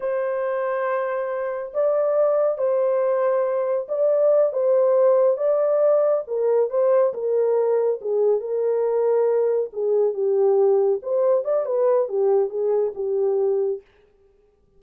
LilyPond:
\new Staff \with { instrumentName = "horn" } { \time 4/4 \tempo 4 = 139 c''1 | d''2 c''2~ | c''4 d''4. c''4.~ | c''8 d''2 ais'4 c''8~ |
c''8 ais'2 gis'4 ais'8~ | ais'2~ ais'8 gis'4 g'8~ | g'4. c''4 d''8 b'4 | g'4 gis'4 g'2 | }